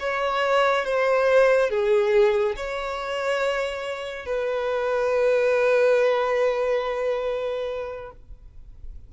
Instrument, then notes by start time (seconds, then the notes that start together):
violin
0.00 C#5
0.85 C5
1.70 G#4
2.56 C#5
4.26 B4